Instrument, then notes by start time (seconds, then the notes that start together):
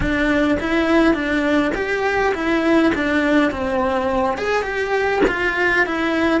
cello
0.00 D4
0.60 E4
1.14 D4
1.74 G4
2.34 E4
2.94 D4
3.51 C4
4.37 G#4
4.62 G4
5.27 F4
5.85 E4